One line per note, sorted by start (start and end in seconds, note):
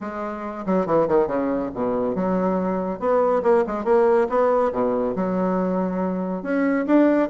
0.00 0.65 G#3
0.65 0.86 F#3
0.86 1.07 E3
1.07 1.27 D#3
1.27 1.70 C#3
1.74 2.15 B2
2.15 2.99 F#3
2.99 3.42 B3
3.43 3.64 A#3
3.66 3.84 G#3
3.84 4.27 A#3
4.29 4.72 B3
4.72 5.15 B2
5.15 6.42 F#3
6.42 6.85 C#4
6.86 7.29 D4